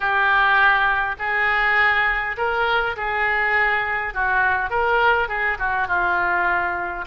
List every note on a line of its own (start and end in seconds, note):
0.00 1.15 G4
1.18 2.36 G#4
2.37 2.96 A#4
2.96 4.13 G#4
4.13 4.70 F#4
4.70 5.28 A#4
5.28 5.57 G#4
5.58 5.87 F#4
5.87 7.05 F4